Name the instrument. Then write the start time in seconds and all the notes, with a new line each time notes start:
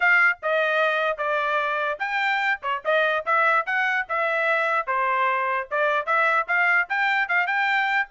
trumpet
0.00 F5
0.42 D#5
1.17 D5
1.99 G5
2.62 C#5
2.85 D#5
3.25 E5
3.65 F#5
4.08 E5
4.86 C5
5.70 D5
6.05 E5
6.47 F5
6.89 G5
7.28 F5
7.46 G5